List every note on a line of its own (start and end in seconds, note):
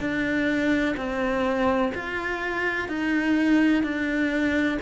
0.00 0.95 D4
0.97 1.92 C4
1.95 2.88 F4
2.88 3.83 D#4
3.83 4.78 D4